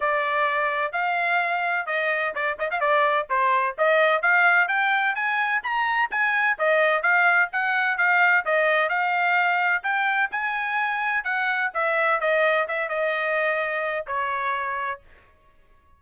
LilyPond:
\new Staff \with { instrumentName = "trumpet" } { \time 4/4 \tempo 4 = 128 d''2 f''2 | dis''4 d''8 dis''16 f''16 d''4 c''4 | dis''4 f''4 g''4 gis''4 | ais''4 gis''4 dis''4 f''4 |
fis''4 f''4 dis''4 f''4~ | f''4 g''4 gis''2 | fis''4 e''4 dis''4 e''8 dis''8~ | dis''2 cis''2 | }